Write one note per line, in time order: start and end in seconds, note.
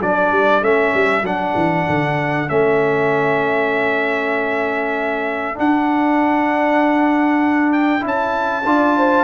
0.00 0.31 F#3
0.00 0.62 D4
0.00 8.66 A4
0.00 0.64 D5
0.31 0.62 G3
0.62 0.93 A3
0.62 1.24 C#4
0.62 1.26 E5
0.94 1.22 G3
1.22 1.53 F#3
1.22 2.47 D4
1.22 2.49 F#5
1.55 1.86 E3
1.88 2.50 D3
2.47 5.58 A3
2.47 5.55 C#4
2.47 5.58 E5
5.55 8.00 D4
5.55 8.05 D4
5.55 7.73 F#5
7.73 8.04 G5
8.00 8.65 C#4
8.00 8.62 E4
8.07 9.24 A5
8.65 9.24 D4
8.65 9.24 F4
8.65 8.97 D5
8.97 9.24 C5